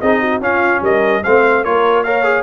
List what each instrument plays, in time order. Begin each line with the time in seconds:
0.00 tuba C4, trombone D#4, horn G#4, trumpet D#5
0.20 horn F#4
0.39 tuba C#4, trombone C#4, horn F4, trumpet F5
0.81 tuba G3, horn A#4, trumpet D#5
1.23 tuba A3, trombone C4, horn C5, trumpet F5
1.64 tuba A#3, trombone F4, horn A#4, trumpet C#5
2.03 trombone A#4, horn C#5, trumpet F5
2.23 trombone G#4